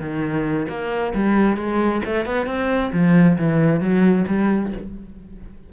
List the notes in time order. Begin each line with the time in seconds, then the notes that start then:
0.00 D#3
0.69 A#3
1.14 G3
1.57 G#3
2.05 A3
2.26 B3
2.46 C4
2.93 F3
3.38 E3
3.80 F#3
4.28 G3